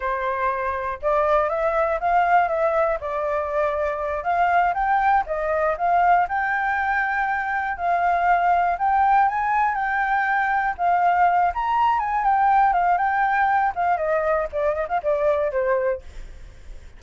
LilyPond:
\new Staff \with { instrumentName = "flute" } { \time 4/4 \tempo 4 = 120 c''2 d''4 e''4 | f''4 e''4 d''2~ | d''8 f''4 g''4 dis''4 f''8~ | f''8 g''2. f''8~ |
f''4. g''4 gis''4 g''8~ | g''4. f''4. ais''4 | gis''8 g''4 f''8 g''4. f''8 | dis''4 d''8 dis''16 f''16 d''4 c''4 | }